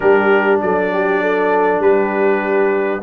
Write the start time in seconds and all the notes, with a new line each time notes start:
0.00 G3 D4 G4 A#4
0.61 F#3 A4 D5
0.93 G4
1.21 A4
1.79 G3 G4 B4